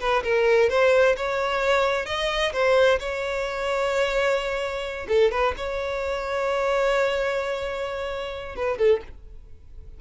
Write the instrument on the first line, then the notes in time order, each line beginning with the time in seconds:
violin
0.00 B4
0.23 A#4
0.70 C5
1.17 C#5
2.06 D#5
2.53 C5
2.99 C#5
5.08 A4
5.32 B4
5.57 C#5
8.56 B4
8.78 A4